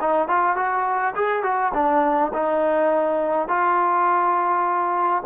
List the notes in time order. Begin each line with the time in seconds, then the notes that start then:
0.00 D#4
0.28 F4
0.56 F#4
1.15 G#4
1.43 F#4
1.74 D4
2.33 D#4
3.48 F4